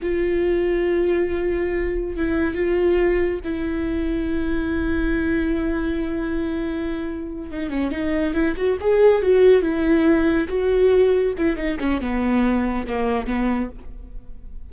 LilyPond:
\new Staff \with { instrumentName = "viola" } { \time 4/4 \tempo 4 = 140 f'1~ | f'4 e'4 f'2 | e'1~ | e'1~ |
e'4. dis'8 cis'8 dis'4 e'8 | fis'8 gis'4 fis'4 e'4.~ | e'8 fis'2 e'8 dis'8 cis'8 | b2 ais4 b4 | }